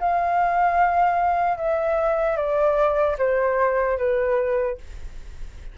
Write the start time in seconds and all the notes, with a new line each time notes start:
0.00 F5
1.58 E5
2.37 D5
3.19 C5
3.98 B4